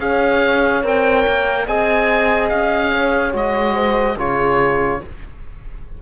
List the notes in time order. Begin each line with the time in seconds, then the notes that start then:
0.00 C#4 G#4 C#5 F5
0.83 C4 A#4 G5
1.27 A#3
1.66 C4 G#4 D#5 G#5
2.49 C#4 F5
2.93 C#5
3.33 G#3 F#4 D#5
3.74 C5
4.17 C#3 F4 G#4 C#5